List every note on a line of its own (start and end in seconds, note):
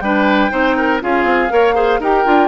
0.00 0.50 G3
0.00 0.50 D4
0.00 0.51 B4
0.00 0.99 G5
0.50 1.01 C4
0.50 0.99 D#4
0.50 0.76 C5
0.77 1.02 A#4
1.01 1.24 C#4
1.01 1.49 F4
1.01 1.53 G#4
1.01 2.02 F5
1.24 1.48 C4
1.49 1.99 A#3
1.49 1.74 A#4
1.49 1.74 C#5
1.74 1.99 G#4
1.74 1.99 C5
1.99 2.24 D#4
1.99 2.25 G4
1.99 2.48 A#4
1.99 2.48 G5
2.25 2.48 D4
2.25 2.48 F4